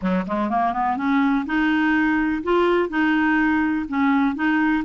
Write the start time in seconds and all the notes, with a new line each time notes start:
0.01 F#3
0.26 G#3
0.49 A#3
0.72 B3
0.97 C#4
1.45 D#4
2.43 F4
2.89 D#4
3.88 C#4
4.35 D#4